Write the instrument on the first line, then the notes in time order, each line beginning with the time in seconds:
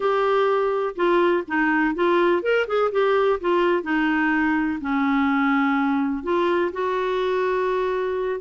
clarinet
0.00 G4
0.95 F4
1.47 D#4
1.94 F4
2.42 A#4
2.67 G#4
2.91 G4
3.40 F4
3.83 D#4
4.80 C#4
6.23 F4
6.72 F#4